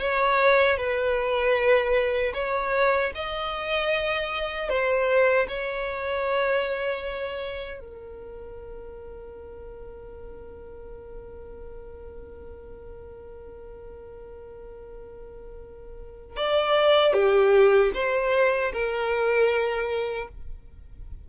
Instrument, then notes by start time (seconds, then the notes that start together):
violin
0.00 C#5
0.77 B4
2.34 C#5
3.15 D#5
4.69 C5
5.48 C#5
7.80 A#4
16.37 D5
17.14 G4
17.94 C5
18.73 A#4